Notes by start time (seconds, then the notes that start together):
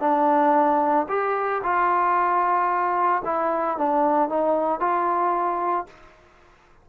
0.00 D4
1.09 G4
1.63 F4
3.25 E4
3.78 D4
4.29 D#4
4.80 F4